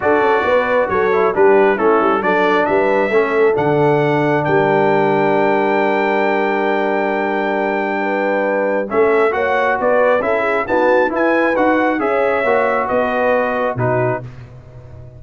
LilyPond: <<
  \new Staff \with { instrumentName = "trumpet" } { \time 4/4 \tempo 4 = 135 d''2 cis''4 b'4 | a'4 d''4 e''2 | fis''2 g''2~ | g''1~ |
g''1 | e''4 fis''4 d''4 e''4 | a''4 gis''4 fis''4 e''4~ | e''4 dis''2 b'4 | }
  \new Staff \with { instrumentName = "horn" } { \time 4/4 a'4 b'4 a'4 g'4 | e'4 a'4 b'4 a'4~ | a'2 ais'2~ | ais'1~ |
ais'2 b'2 | a'4 cis''4 b'4 a'8 gis'8 | fis'4 b'2 cis''4~ | cis''4 b'2 fis'4 | }
  \new Staff \with { instrumentName = "trombone" } { \time 4/4 fis'2~ fis'8 e'8 d'4 | cis'4 d'2 cis'4 | d'1~ | d'1~ |
d'1 | cis'4 fis'2 e'4 | b4 e'4 fis'4 gis'4 | fis'2. dis'4 | }
  \new Staff \with { instrumentName = "tuba" } { \time 4/4 d'8 cis'8 b4 fis4 g4 | a8 g8 fis4 g4 a4 | d2 g2~ | g1~ |
g1 | a4 ais4 b4 cis'4 | dis'4 e'4 dis'4 cis'4 | ais4 b2 b,4 | }
>>